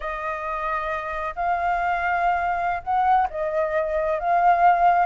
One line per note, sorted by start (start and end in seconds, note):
0.00 1.34 D#5
1.35 2.82 F5
2.83 3.28 F#5
3.30 4.19 D#5
4.19 5.06 F5